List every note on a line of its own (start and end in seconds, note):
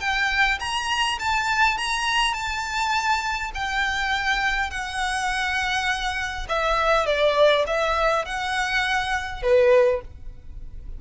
0.00 0.59 G5
0.60 1.18 A#5
1.19 1.78 A5
1.78 2.34 A#5
2.34 3.51 A5
3.55 4.70 G5
4.70 6.47 F#5
6.49 7.06 E5
7.06 7.65 D5
7.67 8.25 E5
8.25 9.43 F#5
9.43 10.01 B4